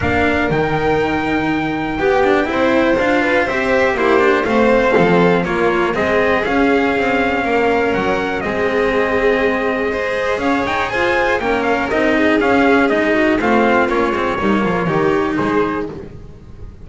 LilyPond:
<<
  \new Staff \with { instrumentName = "trumpet" } { \time 4/4 \tempo 4 = 121 f''4 g''2.~ | g''2 f''4 e''4 | c''4 f''2 cis''4 | dis''4 f''2. |
fis''4 dis''2.~ | dis''4 f''8 g''8 gis''4 g''8 f''8 | dis''4 f''4 dis''4 f''4 | cis''2. c''4 | }
  \new Staff \with { instrumentName = "violin" } { \time 4/4 ais'1 | g'4 c''4. b'8 c''4 | g'4 c''4 a'4 f'4 | gis'2. ais'4~ |
ais'4 gis'2. | c''4 cis''4 c''4 ais'4~ | ais'8 gis'2 fis'8 f'4~ | f'4 dis'8 f'8 g'4 gis'4 | }
  \new Staff \with { instrumentName = "cello" } { \time 4/4 d'4 dis'2. | g'8 d'8 e'4 f'4 g'4 | e'8 d'8 c'2 ais4 | c'4 cis'2.~ |
cis'4 c'2. | gis'2. cis'4 | dis'4 cis'4 dis'4 c'4 | cis'8 c'8 ais4 dis'2 | }
  \new Staff \with { instrumentName = "double bass" } { \time 4/4 ais4 dis2. | b4 c'4 d'4 c'4 | ais4 a4 f4 ais4 | gis4 cis'4 c'4 ais4 |
fis4 gis2.~ | gis4 cis'8 dis'8 f'4 ais4 | c'4 cis'4 gis4 a4 | ais8 gis8 g8 f8 dis4 gis4 | }
>>